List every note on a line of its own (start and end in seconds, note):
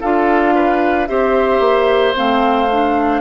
0.00 1.09 D4
0.00 1.07 F4
0.00 0.54 A4
0.00 1.07 F5
0.54 1.08 B4
1.07 1.59 C4
1.07 2.14 G4
1.07 3.20 C5
1.07 2.14 E5
1.59 2.13 A#3
2.14 3.20 A3
2.14 2.68 C4
2.14 3.20 F5
2.71 3.20 D4